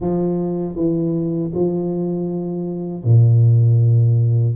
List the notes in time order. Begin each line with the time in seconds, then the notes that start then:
0.00 F3
0.75 E3
1.54 F3
3.04 A#2